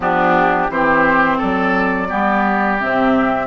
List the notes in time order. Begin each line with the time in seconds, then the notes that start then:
0.00 F3 B3 D4 G4
0.69 E3 C4 G4 C5
1.37 F#3 A4 D5
2.08 G3 B3 G4
2.79 C3 C4 E5